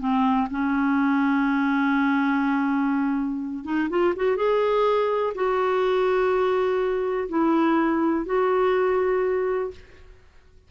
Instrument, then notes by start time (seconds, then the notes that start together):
clarinet
0.00 C4
0.51 C#4
3.65 D#4
3.90 F4
4.17 F#4
4.37 G#4
5.35 F#4
7.29 E4
8.26 F#4